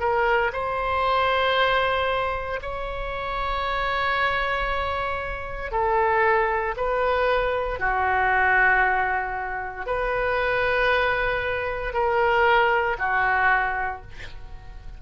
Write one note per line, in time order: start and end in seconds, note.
0.00 0.52 A#4
0.53 2.60 C5
2.62 5.72 C#5
5.72 6.75 A4
6.77 7.79 B4
7.79 9.86 F#4
9.87 11.93 B4
11.93 12.97 A#4
12.99 14.02 F#4